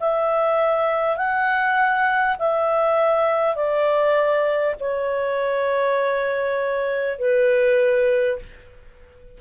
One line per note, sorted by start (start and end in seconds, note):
0.00 1.17 E5
1.17 2.37 F#5
2.39 3.56 E5
3.56 4.76 D5
4.81 7.19 C#5
7.19 8.39 B4